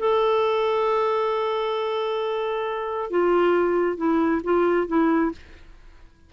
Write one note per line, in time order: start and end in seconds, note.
0.00 3.11 A4
3.11 3.98 F4
3.98 4.42 E4
4.44 4.88 F4
4.88 5.32 E4